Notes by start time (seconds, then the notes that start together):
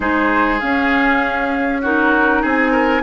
0.00 G#3 D#4 G#4 C5
0.59 C#4 F5
1.81 D#4 F#4 A#4
2.41 C4 G#4 G#5
2.71 A#4